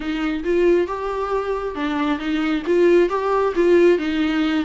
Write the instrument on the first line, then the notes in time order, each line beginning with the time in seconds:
viola
0.00 D#4
0.44 F4
0.87 G4
1.75 D4
2.18 D#4
2.66 F4
3.09 G4
3.55 F4
3.98 D#4